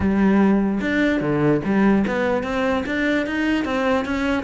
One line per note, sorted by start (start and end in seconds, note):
0.00 0.79 G3
0.81 1.20 D4
1.20 1.61 D3
1.64 2.05 G3
2.07 2.43 B3
2.43 2.83 C4
2.85 3.26 D4
3.26 3.64 D#4
3.64 4.05 C4
4.05 4.43 C#4